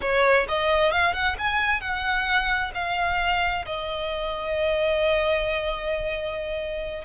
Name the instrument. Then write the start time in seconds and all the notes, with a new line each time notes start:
violin
0.01 C#5
0.48 D#5
0.91 F5
1.13 F#5
1.38 G#5
1.80 F#5
2.74 F5
3.65 D#5